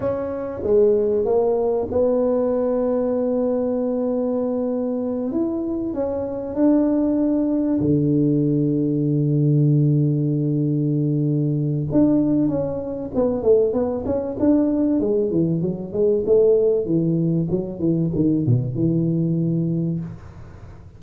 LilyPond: \new Staff \with { instrumentName = "tuba" } { \time 4/4 \tempo 4 = 96 cis'4 gis4 ais4 b4~ | b1~ | b8 e'4 cis'4 d'4.~ | d'8 d2.~ d8~ |
d2. d'4 | cis'4 b8 a8 b8 cis'8 d'4 | gis8 e8 fis8 gis8 a4 e4 | fis8 e8 dis8 b,8 e2 | }